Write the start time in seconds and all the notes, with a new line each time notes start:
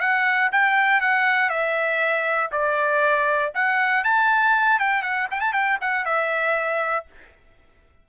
0.00 F#5
0.52 G5
1.01 F#5
1.49 E5
2.52 D5
3.54 F#5
4.04 A5
4.79 G5
5.03 F#5
5.31 G5
5.40 A5
5.53 G5
5.81 F#5
6.05 E5